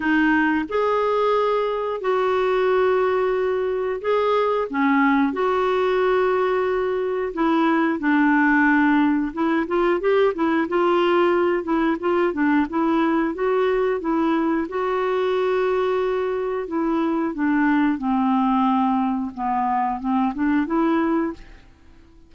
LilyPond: \new Staff \with { instrumentName = "clarinet" } { \time 4/4 \tempo 4 = 90 dis'4 gis'2 fis'4~ | fis'2 gis'4 cis'4 | fis'2. e'4 | d'2 e'8 f'8 g'8 e'8 |
f'4. e'8 f'8 d'8 e'4 | fis'4 e'4 fis'2~ | fis'4 e'4 d'4 c'4~ | c'4 b4 c'8 d'8 e'4 | }